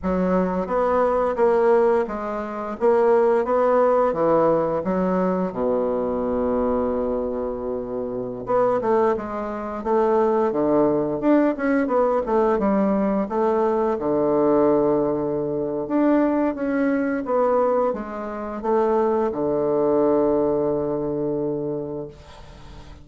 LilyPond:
\new Staff \with { instrumentName = "bassoon" } { \time 4/4 \tempo 4 = 87 fis4 b4 ais4 gis4 | ais4 b4 e4 fis4 | b,1~ | b,16 b8 a8 gis4 a4 d8.~ |
d16 d'8 cis'8 b8 a8 g4 a8.~ | a16 d2~ d8. d'4 | cis'4 b4 gis4 a4 | d1 | }